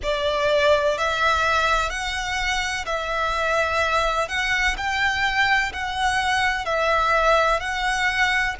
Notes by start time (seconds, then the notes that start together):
0.03 D5
0.97 E5
1.90 F#5
2.85 E5
4.28 F#5
4.77 G5
5.72 F#5
6.65 E5
7.59 F#5